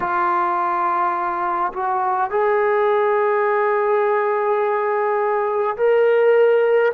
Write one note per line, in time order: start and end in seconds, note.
0.00 1.72 F4
1.73 2.30 F#4
2.30 5.76 G#4
5.76 6.92 A#4